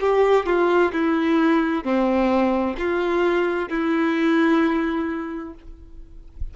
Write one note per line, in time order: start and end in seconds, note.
0.00 0.46 G4
0.46 0.92 F4
0.92 1.84 E4
1.84 2.76 C4
2.78 3.69 F4
3.69 5.54 E4